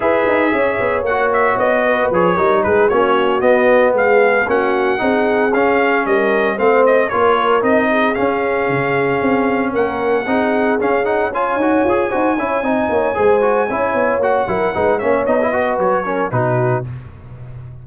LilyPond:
<<
  \new Staff \with { instrumentName = "trumpet" } { \time 4/4 \tempo 4 = 114 e''2 fis''8 e''8 dis''4 | cis''4 b'8 cis''4 dis''4 f''8~ | f''8 fis''2 f''4 dis''8~ | dis''8 f''8 dis''8 cis''4 dis''4 f''8~ |
f''2~ f''8 fis''4.~ | fis''8 f''8 fis''8 gis''2~ gis''8~ | gis''2. fis''4~ | fis''8 e''8 dis''4 cis''4 b'4 | }
  \new Staff \with { instrumentName = "horn" } { \time 4/4 b'4 cis''2~ cis''8 b'8~ | b'8 ais'8 gis'8 fis'2 gis'8~ | gis'8 fis'4 gis'2 ais'8~ | ais'8 c''4 ais'4. gis'4~ |
gis'2~ gis'8 ais'4 gis'8~ | gis'4. cis''4. c''8 cis''8 | dis''8 cis''8 c''4 cis''4. ais'8 | b'8 cis''4 b'4 ais'8 fis'4 | }
  \new Staff \with { instrumentName = "trombone" } { \time 4/4 gis'2 fis'2 | gis'8 dis'4 cis'4 b4.~ | b8 cis'4 dis'4 cis'4.~ | cis'8 c'4 f'4 dis'4 cis'8~ |
cis'2.~ cis'8 dis'8~ | dis'8 cis'8 dis'8 f'8 fis'8 gis'8 fis'8 e'8 | dis'4 gis'8 fis'8 e'4 fis'8 e'8 | dis'8 cis'8 dis'16 e'16 fis'4 cis'8 dis'4 | }
  \new Staff \with { instrumentName = "tuba" } { \time 4/4 e'8 dis'8 cis'8 b8 ais4 b4 | f8 g8 gis8 ais4 b4 gis8~ | gis8 ais4 c'4 cis'4 g8~ | g8 a4 ais4 c'4 cis'8~ |
cis'8 cis4 c'4 ais4 c'8~ | c'8 cis'4. dis'8 f'8 dis'8 cis'8 | c'8 ais8 gis4 cis'8 b8 ais8 fis8 | gis8 ais8 b4 fis4 b,4 | }
>>